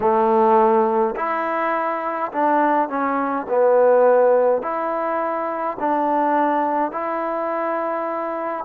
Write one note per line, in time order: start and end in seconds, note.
0.00 1.15 A3
1.15 2.31 E4
2.32 2.88 D4
2.88 3.46 C#4
3.48 4.62 B3
4.62 5.77 E4
5.79 6.91 D4
6.91 8.64 E4